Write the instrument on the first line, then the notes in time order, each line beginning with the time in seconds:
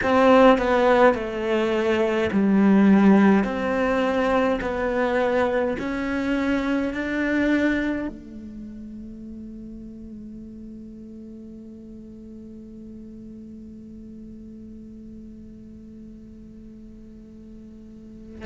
cello
0.03 C4
0.58 B3
1.14 A3
2.32 G3
3.44 C4
4.61 B3
5.78 C#4
6.93 D4
8.08 A3